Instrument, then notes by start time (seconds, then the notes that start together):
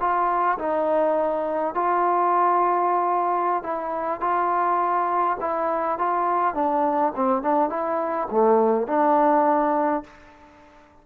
trombone
0.00 F4
0.59 D#4
1.74 F4
3.63 E4
4.20 F4
5.40 E4
5.98 F4
6.55 D4
7.16 C4
7.42 D4
7.70 E4
8.31 A3
8.87 D4